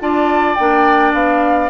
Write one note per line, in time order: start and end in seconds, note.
0.00 0.59 D4
0.00 0.57 F4
0.00 1.70 D5
0.00 0.55 A5
0.55 1.14 A#3
0.55 1.70 D4
0.55 1.12 G5
1.14 1.70 B3
1.14 1.70 F5